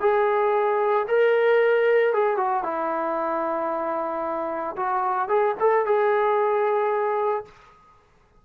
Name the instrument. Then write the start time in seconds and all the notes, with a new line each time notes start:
trombone
0.00 G#4
1.08 A#4
2.13 G#4
2.37 F#4
2.63 E4
4.76 F#4
5.28 G#4
5.59 A4
5.86 G#4